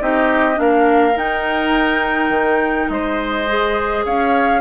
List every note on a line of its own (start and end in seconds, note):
0.00 0.58 C4
0.00 0.55 D#4
0.00 0.60 G4
0.00 0.60 D#5
0.55 1.15 A#3
0.55 1.12 D4
0.55 1.17 F5
0.61 2.92 A#4
1.15 2.30 D#4
1.15 3.46 D#4
1.15 2.89 G5
2.30 2.87 D#3
2.89 4.05 G#3
2.89 4.05 C5
2.89 4.05 D#5
3.47 4.61 G#4
4.05 4.61 C#4
4.05 4.61 C#5
4.05 4.61 F5